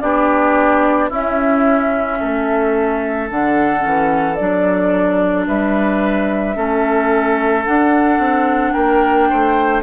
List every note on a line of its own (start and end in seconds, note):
0.00 1.10 B3
0.00 1.10 D4
0.00 1.09 G4
0.00 1.09 D5
1.09 2.19 C#4
1.09 3.30 C#4
1.09 2.18 E4
1.09 3.30 E5
2.20 3.31 A3
2.20 5.47 A4
3.30 3.85 D3
3.30 3.80 D4
3.30 4.35 F#5
3.80 4.40 E3
3.80 4.35 C#4
4.35 5.47 F#3
4.35 6.55 D4
4.35 5.44 D5
5.47 6.56 G3
5.47 6.56 B4
5.47 7.65 E5
6.55 7.65 A3
6.55 7.64 C#4
6.55 8.73 A4
7.65 9.82 D4
7.65 8.18 D4
7.65 8.73 F#5
8.18 8.73 C4
8.73 9.30 A#3
8.73 9.27 A#4
8.73 9.82 G5
9.29 9.82 A3
9.29 9.82 C5